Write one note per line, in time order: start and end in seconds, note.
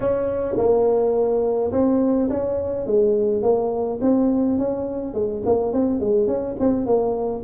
0.00 0.55 C#4
0.57 1.71 A#3
1.72 2.29 C4
2.29 2.86 C#4
2.86 3.42 G#3
3.42 3.99 A#3
4.01 4.58 C4
4.58 5.14 C#4
5.14 5.42 G#3
5.45 5.72 A#3
5.72 6.00 C4
6.00 6.27 G#3
6.27 6.55 C#4
6.59 6.86 C4
6.86 7.43 A#3